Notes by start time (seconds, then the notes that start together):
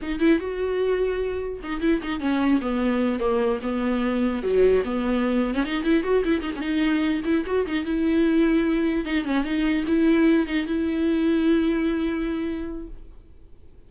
0.01 D#4
0.19 E4
0.39 F#4
1.63 D#4
1.80 E4
2.02 D#4
2.20 C#4
2.61 B3
3.19 A#3
3.62 B3
4.43 F#3
4.84 B3
5.54 C#4
5.65 D#4
5.83 E4
6.03 F#4
6.24 E4
6.41 D#4
6.56 C#4 D#4
7.24 E4
7.46 F#4
7.66 D#4
7.84 E4
9.05 D#4
9.24 C#4
9.44 D#4
9.87 E4
10.46 D#4
10.66 E4